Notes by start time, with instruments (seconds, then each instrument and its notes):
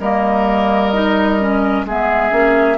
0.00 bassoon G3, clarinet A#3, oboe A#4, flute D#5
0.94 clarinet D#4
1.40 clarinet C#4
1.85 bassoon G#3, clarinet B3, oboe G#4, flute E5
2.31 bassoon A#3, clarinet C#4